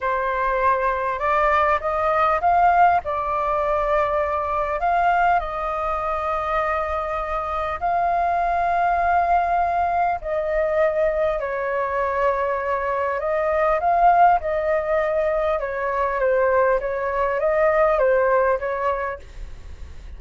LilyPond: \new Staff \with { instrumentName = "flute" } { \time 4/4 \tempo 4 = 100 c''2 d''4 dis''4 | f''4 d''2. | f''4 dis''2.~ | dis''4 f''2.~ |
f''4 dis''2 cis''4~ | cis''2 dis''4 f''4 | dis''2 cis''4 c''4 | cis''4 dis''4 c''4 cis''4 | }